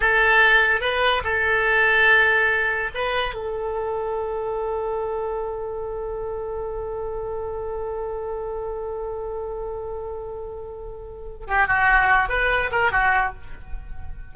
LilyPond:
\new Staff \with { instrumentName = "oboe" } { \time 4/4 \tempo 4 = 144 a'2 b'4 a'4~ | a'2. b'4 | a'1~ | a'1~ |
a'1~ | a'1~ | a'2.~ a'8 g'8 | fis'4. b'4 ais'8 fis'4 | }